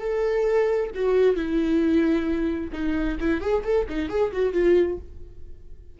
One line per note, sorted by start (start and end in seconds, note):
0.00 0.90 A4
0.94 1.35 F#4
1.35 2.71 E4
2.73 3.18 D#4
3.20 3.40 E4
3.40 3.63 G#4
3.63 3.86 A4
3.89 4.09 D#4
4.09 4.31 G#4
4.32 4.53 F#4
4.53 4.98 F4